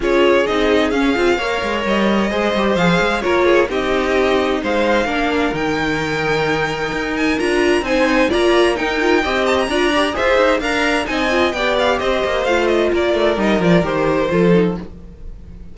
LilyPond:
<<
  \new Staff \with { instrumentName = "violin" } { \time 4/4 \tempo 4 = 130 cis''4 dis''4 f''2 | dis''2 f''4 cis''4 | dis''2 f''2 | g''2.~ g''8 gis''8 |
ais''4 gis''4 ais''4 g''4~ | g''8 a''16 ais''4~ ais''16 c''4 ais''4 | gis''4 g''8 f''8 dis''4 f''8 dis''8 | d''4 dis''8 d''8 c''2 | }
  \new Staff \with { instrumentName = "violin" } { \time 4/4 gis'2. cis''4~ | cis''4 c''2 ais'8 gis'8 | g'2 c''4 ais'4~ | ais'1~ |
ais'4 c''4 d''4 ais'4 | dis''4 d''4 e''4 f''4 | dis''4 d''4 c''2 | ais'2. a'4 | }
  \new Staff \with { instrumentName = "viola" } { \time 4/4 f'4 dis'4 cis'8 f'8 ais'4~ | ais'4 gis'8 g'8 gis'4 f'4 | dis'2. d'4 | dis'1 |
f'4 dis'4 f'4 dis'8 f'8 | g'4 f'8 g'8 gis'4 ais'4 | dis'8 f'8 g'2 f'4~ | f'4 dis'8 f'8 g'4 f'8 dis'8 | }
  \new Staff \with { instrumentName = "cello" } { \time 4/4 cis'4 c'4 cis'8 c'8 ais8 gis8 | g4 gis8 g8 f8 gis8 ais4 | c'2 gis4 ais4 | dis2. dis'4 |
d'4 c'4 ais4 dis'4 | c'4 d'4 f'8 dis'8 d'4 | c'4 b4 c'8 ais8 a4 | ais8 a8 g8 f8 dis4 f4 | }
>>